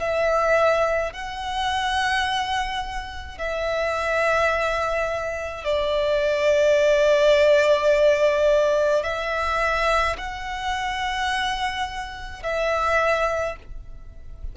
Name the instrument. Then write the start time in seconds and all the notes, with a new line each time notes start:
violin
0.00 E5
1.13 F#5
3.39 E5
5.65 D5
9.04 E5
10.18 F#5
12.43 E5